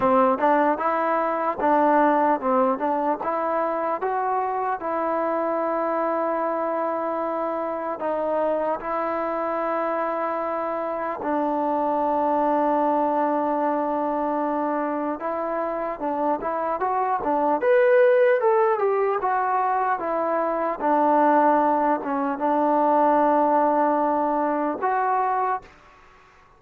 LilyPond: \new Staff \with { instrumentName = "trombone" } { \time 4/4 \tempo 4 = 75 c'8 d'8 e'4 d'4 c'8 d'8 | e'4 fis'4 e'2~ | e'2 dis'4 e'4~ | e'2 d'2~ |
d'2. e'4 | d'8 e'8 fis'8 d'8 b'4 a'8 g'8 | fis'4 e'4 d'4. cis'8 | d'2. fis'4 | }